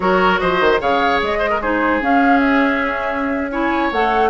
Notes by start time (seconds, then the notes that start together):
0.00 F#3 F#4 A#4 C#5
0.39 F3 C5 D#5
0.60 D#3
0.79 C#3 G#4 C#5 F5
1.21 G#3 D#5
1.39 C5
1.49 A#4
1.61 D#4 G#4 C5
2.01 C#4 F5
2.39 E5
3.50 E4 C#5 G#5
3.92 A3 A4 F#5